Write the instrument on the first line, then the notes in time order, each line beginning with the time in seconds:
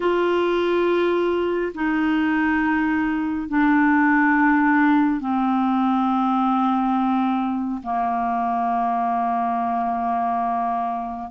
clarinet
0.00 F4
1.74 D#4
3.48 D4
5.20 C4
7.83 A#3